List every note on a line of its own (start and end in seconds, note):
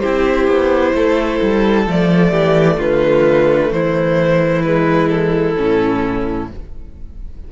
0.00 0.47 C4
0.00 1.87 E4
0.00 0.93 G4
0.00 1.85 C5
0.47 0.94 B3
0.94 1.40 A3
0.94 2.31 A4
1.42 1.87 G3
1.87 2.32 F3
1.87 4.64 A3
1.87 2.81 D5
2.31 2.78 E3
2.31 2.77 G4
2.78 3.72 D3
2.78 3.70 F4
2.78 3.72 B4
3.72 5.57 E3
3.72 6.52 E4
3.72 4.63 C5
4.63 5.57 G#3
4.63 5.09 B4
5.10 6.48 A4
5.57 6.51 A2
5.57 6.49 C#4